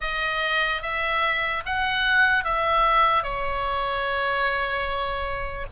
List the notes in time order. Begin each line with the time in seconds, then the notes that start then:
0.00 D#5
0.81 E5
1.65 F#5
2.44 E5
3.23 C#5